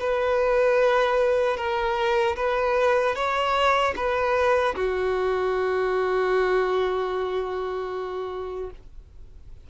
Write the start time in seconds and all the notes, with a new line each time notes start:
0.00 B4
1.57 A#4
2.36 B4
3.15 C#5
3.96 B4
4.75 F#4